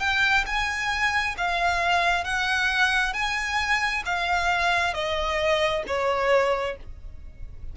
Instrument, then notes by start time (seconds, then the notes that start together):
violin
0.00 G5
0.46 G#5
1.38 F5
2.24 F#5
3.14 G#5
4.06 F5
4.94 D#5
5.87 C#5